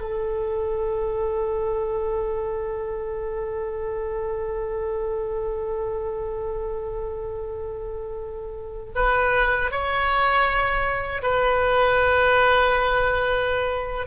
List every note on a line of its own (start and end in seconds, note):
0.00 8.92 A4
8.95 9.71 B4
9.71 11.22 C#5
11.22 14.07 B4